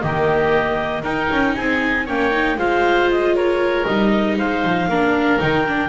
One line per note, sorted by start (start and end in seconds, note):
0.00 1.04 D#3
0.00 1.03 A#3
0.00 1.02 G4
0.00 1.03 D#5
1.02 2.06 D#4
1.02 1.29 D#4
1.02 1.54 A#4
1.02 1.55 G5
1.31 1.57 C#4
1.55 2.08 C4
1.55 2.05 G#4
1.55 2.06 G#5
2.05 2.56 A#3
2.05 2.31 C#4
2.05 2.56 C#5
2.05 2.59 G5
2.31 2.57 D#4
2.56 3.84 G#3
2.56 3.86 F4
2.56 3.35 C5
2.56 3.10 F5
3.11 3.35 D#5
3.35 4.37 A#4
3.35 3.85 C#5
3.85 4.39 G3
3.85 4.90 D#4
3.85 4.37 D#5
4.37 4.64 G#3
4.37 4.89 C5
4.37 5.40 F5
4.64 4.88 F3
4.88 5.39 A#3
4.88 5.39 D4
4.88 5.88 A#4
5.39 5.88 D#3
5.39 5.65 D#4
5.39 5.88 G5
5.68 5.88 D4